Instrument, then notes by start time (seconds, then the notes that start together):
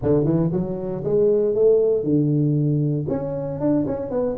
tuba
0.02 D3
0.24 E3
0.52 F#3
1.04 G#3
1.55 A3
2.03 D3
3.08 C#4
3.60 D4
3.86 C#4
4.10 B3